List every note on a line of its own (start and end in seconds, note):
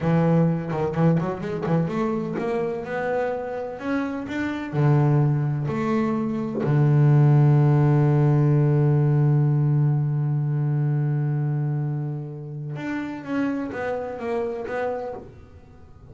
0.00 0.71 E3
0.71 0.94 D#3
0.94 1.18 E3
1.20 1.40 F#3
1.40 1.64 G#3
1.65 1.88 E3
1.88 2.35 A3
2.38 2.84 A#3
2.84 3.79 B3
3.79 4.26 C#4
4.28 4.72 D4
4.72 5.67 D3
5.67 6.61 A3
6.63 12.76 D3
12.76 13.23 D4
13.23 13.70 C#4
13.72 14.19 B3
14.19 14.66 A#3
14.66 15.14 B3